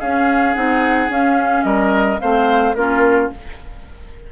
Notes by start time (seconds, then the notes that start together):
0.00 C#4 G#4 F5
0.55 C4 D#4 F#5
1.09 C#4 F5
1.64 G3 A#4 D#5
2.20 A3 C4 C5 F5
2.75 A#3 C#4 F4 A#4